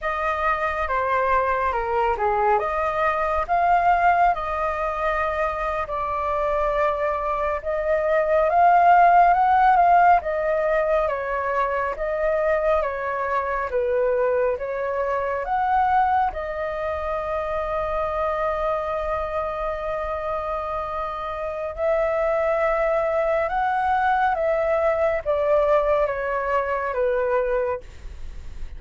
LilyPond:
\new Staff \with { instrumentName = "flute" } { \time 4/4 \tempo 4 = 69 dis''4 c''4 ais'8 gis'8 dis''4 | f''4 dis''4.~ dis''16 d''4~ d''16~ | d''8. dis''4 f''4 fis''8 f''8 dis''16~ | dis''8. cis''4 dis''4 cis''4 b'16~ |
b'8. cis''4 fis''4 dis''4~ dis''16~ | dis''1~ | dis''4 e''2 fis''4 | e''4 d''4 cis''4 b'4 | }